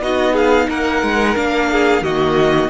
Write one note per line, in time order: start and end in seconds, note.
0.00 0.67 B3
0.00 1.36 D#4
0.00 0.33 F#4
0.00 0.36 D#5
0.33 0.66 G#4
0.33 0.70 F5
0.69 1.02 A#3
0.69 1.70 A#4
0.69 1.36 F#5
1.02 1.36 G#3
1.36 2.02 A#3
1.36 2.04 D4
1.36 2.03 F5
1.71 2.04 G#4
2.02 2.69 D#3
2.02 2.69 A#3
2.02 2.69 F#4
2.02 2.69 D#5